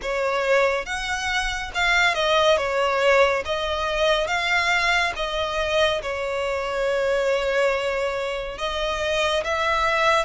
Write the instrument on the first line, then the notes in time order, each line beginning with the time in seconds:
violin
0.02 C#5
0.85 F#5
1.74 F5
2.14 D#5
2.57 C#5
3.45 D#5
4.27 F5
5.15 D#5
6.02 C#5
8.58 D#5
9.44 E5